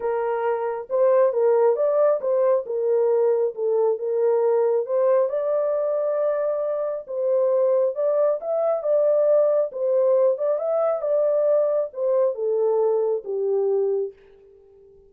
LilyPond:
\new Staff \with { instrumentName = "horn" } { \time 4/4 \tempo 4 = 136 ais'2 c''4 ais'4 | d''4 c''4 ais'2 | a'4 ais'2 c''4 | d''1 |
c''2 d''4 e''4 | d''2 c''4. d''8 | e''4 d''2 c''4 | a'2 g'2 | }